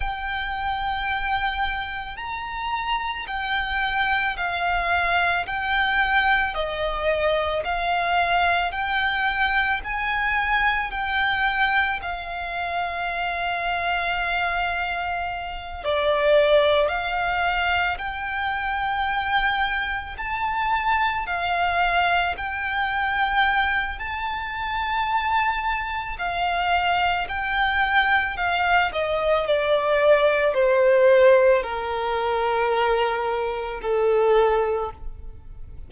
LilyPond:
\new Staff \with { instrumentName = "violin" } { \time 4/4 \tempo 4 = 55 g''2 ais''4 g''4 | f''4 g''4 dis''4 f''4 | g''4 gis''4 g''4 f''4~ | f''2~ f''8 d''4 f''8~ |
f''8 g''2 a''4 f''8~ | f''8 g''4. a''2 | f''4 g''4 f''8 dis''8 d''4 | c''4 ais'2 a'4 | }